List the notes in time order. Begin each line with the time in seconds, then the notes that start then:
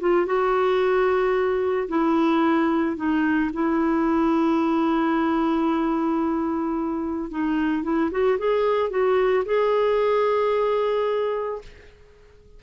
0.00 F4
0.26 F#4
1.88 E4
2.97 D#4
3.53 E4
7.31 D#4
7.83 E4
8.11 F#4
8.39 G#4
8.90 F#4
9.45 G#4